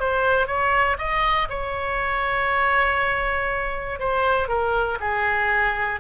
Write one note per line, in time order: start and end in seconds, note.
0.00 0.47 C5
0.47 0.97 C#5
0.98 1.48 D#5
1.50 4.00 C#5
4.00 4.49 C5
4.49 4.99 A#4
5.00 6.00 G#4